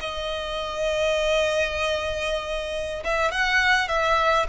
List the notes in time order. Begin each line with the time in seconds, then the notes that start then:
0.00 D#5
3.04 E5
3.31 F#5
3.88 E5